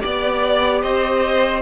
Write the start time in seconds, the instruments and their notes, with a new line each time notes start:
0.00 cello B3, viola G4, violin D5
0.81 cello C4, violin C5 D#5